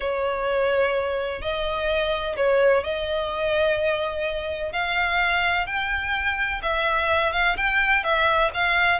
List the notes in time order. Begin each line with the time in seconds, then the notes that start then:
0.00 C#5
1.41 D#5
2.36 C#5
2.83 D#5
4.72 F5
5.66 G5
6.62 E5
7.32 F5
7.56 G5
8.03 E5
8.53 F5